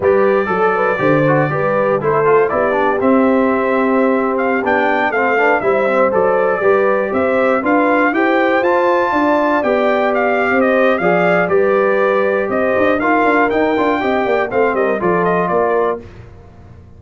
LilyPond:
<<
  \new Staff \with { instrumentName = "trumpet" } { \time 4/4 \tempo 4 = 120 d''1 | c''4 d''4 e''2~ | e''8. f''8 g''4 f''4 e''8.~ | e''16 d''2 e''4 f''8.~ |
f''16 g''4 a''2 g''8.~ | g''16 f''4 dis''8. f''4 d''4~ | d''4 dis''4 f''4 g''4~ | g''4 f''8 dis''8 d''8 dis''8 d''4 | }
  \new Staff \with { instrumentName = "horn" } { \time 4/4 b'4 a'8 b'8 c''4 b'4 | a'4 g'2.~ | g'2~ g'16 a'8 b'8 c''8.~ | c''4~ c''16 b'4 c''4 b'8.~ |
b'16 c''2 d''4.~ d''16~ | d''4 c''4 d''4 b'4~ | b'4 c''4 ais'2 | dis''8 d''8 c''8 ais'8 a'4 ais'4 | }
  \new Staff \with { instrumentName = "trombone" } { \time 4/4 g'4 a'4 g'8 fis'8 g'4 | e'8 f'8 e'8 d'8 c'2~ | c'4~ c'16 d'4 c'8 d'8 e'8 c'16~ | c'16 a'4 g'2 f'8.~ |
f'16 g'4 f'2 g'8.~ | g'2 gis'4 g'4~ | g'2 f'4 dis'8 f'8 | g'4 c'4 f'2 | }
  \new Staff \with { instrumentName = "tuba" } { \time 4/4 g4 fis4 d4 g4 | a4 b4 c'2~ | c'4~ c'16 b4 a4 g8.~ | g16 fis4 g4 c'4 d'8.~ |
d'16 e'4 f'4 d'4 b8.~ | b4 c'4 f4 g4~ | g4 c'8 d'8 dis'8 d'8 dis'8 d'8 | c'8 ais8 a8 g8 f4 ais4 | }
>>